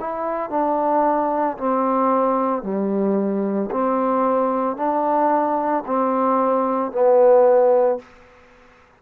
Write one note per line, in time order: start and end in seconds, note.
0.00 0.50 E4
0.50 1.57 D4
1.58 2.62 C4
2.62 3.70 G3
3.72 4.77 C4
4.77 5.84 D4
5.86 6.92 C4
6.92 7.99 B3